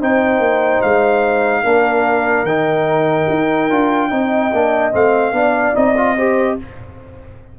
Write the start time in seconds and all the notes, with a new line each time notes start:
0.00 C4 D#4 C5 G5
0.39 A#3
0.82 G#3 F5
1.63 A#3 D4 A#4
2.43 D#3 D#4 G5
3.29 D#4
3.70 D4 F4
4.10 C4 D#4 D#5
4.52 A#3 D4
4.91 A3 C4 F5
5.32 B3 D4 D5
5.73 C4 D#4 D#5
5.96 F4
6.16 G4 C5